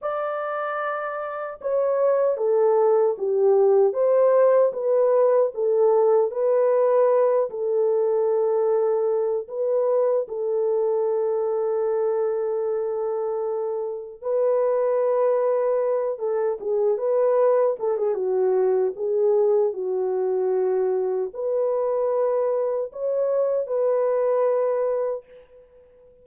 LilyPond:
\new Staff \with { instrumentName = "horn" } { \time 4/4 \tempo 4 = 76 d''2 cis''4 a'4 | g'4 c''4 b'4 a'4 | b'4. a'2~ a'8 | b'4 a'2.~ |
a'2 b'2~ | b'8 a'8 gis'8 b'4 a'16 gis'16 fis'4 | gis'4 fis'2 b'4~ | b'4 cis''4 b'2 | }